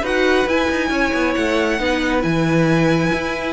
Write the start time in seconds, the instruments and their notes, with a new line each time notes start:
0.00 cello D#4, viola F#4, violin B4 F#5
0.47 cello E4, viola E4, violin G#5
0.71 cello D#4
0.90 cello C#4, violin C#5
1.14 cello B3
1.34 cello A3, violin F#5
1.79 cello B3, viola D#4, violin B4
2.21 cello E3, viola E4, violin G#5
3.13 cello E4